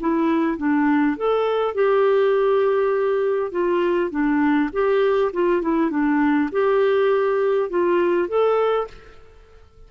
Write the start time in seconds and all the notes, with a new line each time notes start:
0.00 E4
0.57 D4
1.16 A4
1.74 G4
3.51 F4
4.10 D4
4.72 G4
5.33 F4
5.62 E4
5.90 D4
6.51 G4
7.69 F4
8.28 A4